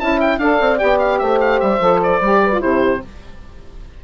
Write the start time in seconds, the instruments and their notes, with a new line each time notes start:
0.00 bassoon C#4, saxophone E4, horn E5, oboe A5
0.20 oboe G5
0.39 bassoon D4, saxophone A4, horn D5, oboe F5
0.61 bassoon C4
0.77 bassoon B3, saxophone G4, oboe G5
0.99 oboe F5
1.19 bassoon A3, horn C5, oboe E5
1.41 oboe F5
1.60 bassoon G3, oboe E5
1.80 bassoon F3, saxophone A4
2.03 oboe D5
2.21 bassoon G3, saxophone G4
2.44 horn B4
2.52 saxophone F4
2.60 bassoon C3, saxophone E4, horn G4, oboe C5